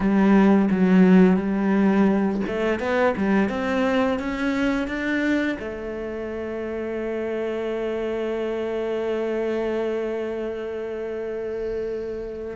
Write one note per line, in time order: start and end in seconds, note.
0.00 0.68 G3
0.70 1.36 F#3
1.36 2.41 G3
2.47 2.79 A3
2.79 3.14 B3
3.16 3.49 G3
3.49 4.19 C4
4.19 4.87 C#4
4.87 5.57 D4
5.59 12.56 A3